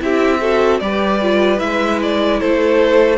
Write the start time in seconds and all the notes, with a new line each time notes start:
0.00 C4 E4 G4 E5
0.41 F#4 A4
0.80 G3 G4 B4 D5
1.22 F4
1.58 G#3 E4 E5
2.02 D5
2.40 A3 A4 C5